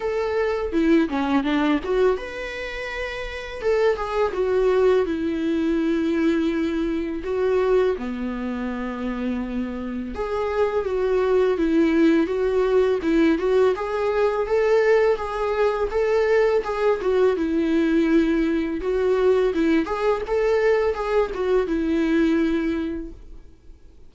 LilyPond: \new Staff \with { instrumentName = "viola" } { \time 4/4 \tempo 4 = 83 a'4 e'8 cis'8 d'8 fis'8 b'4~ | b'4 a'8 gis'8 fis'4 e'4~ | e'2 fis'4 b4~ | b2 gis'4 fis'4 |
e'4 fis'4 e'8 fis'8 gis'4 | a'4 gis'4 a'4 gis'8 fis'8 | e'2 fis'4 e'8 gis'8 | a'4 gis'8 fis'8 e'2 | }